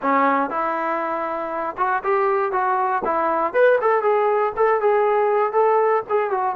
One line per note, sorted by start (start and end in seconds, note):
0.02 0.50 C#4
0.50 1.76 E4
1.77 2.03 F#4
2.03 2.51 G4
2.51 3.02 F#4
3.04 3.53 E4
3.53 3.79 B4
3.81 4.02 A4
4.02 4.52 G#4
4.56 4.81 A4
4.81 5.52 G#4
5.52 6.03 A4
6.09 6.30 G#4
6.30 6.55 F#4